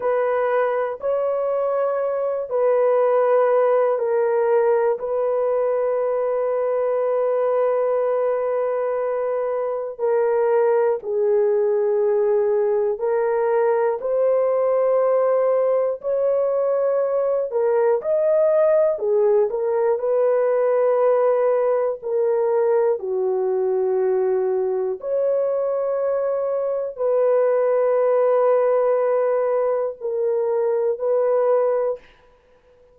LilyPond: \new Staff \with { instrumentName = "horn" } { \time 4/4 \tempo 4 = 60 b'4 cis''4. b'4. | ais'4 b'2.~ | b'2 ais'4 gis'4~ | gis'4 ais'4 c''2 |
cis''4. ais'8 dis''4 gis'8 ais'8 | b'2 ais'4 fis'4~ | fis'4 cis''2 b'4~ | b'2 ais'4 b'4 | }